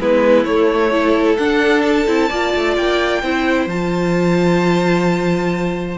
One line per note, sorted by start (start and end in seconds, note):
0.00 0.45 G#3
0.00 0.46 B3
0.00 0.92 E4
0.00 0.44 B4
0.44 1.37 A3
0.44 0.91 A3
0.44 1.37 C#5
0.91 1.37 E4
0.91 2.29 A4
1.38 2.07 D4
1.38 1.82 F#5
1.82 2.74 A5
2.07 2.30 C4
2.07 2.30 E4
2.29 2.54 A#3
2.29 3.24 F4
2.29 3.21 D5
2.55 2.77 A3
2.77 3.22 A#3
2.77 3.69 G5
3.22 3.66 C4
3.22 3.69 E4
3.22 5.97 C5
3.66 5.97 F3
3.66 5.97 F4
3.66 5.97 A5